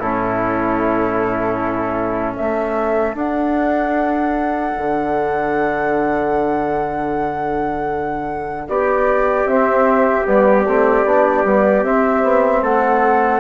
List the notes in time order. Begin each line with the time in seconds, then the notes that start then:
0.00 A2 C#4 E4 A4
2.35 A3 A4 E5
3.14 D4 F#5
4.78 D3
8.68 B3 G4 D5
9.46 C4 E5
10.25 G3 B3 D5
10.67 A3 C4
11.04 B3 D4
11.45 G3 B3
11.83 C4 E5
12.24 B3
12.62 A3 A4 F#5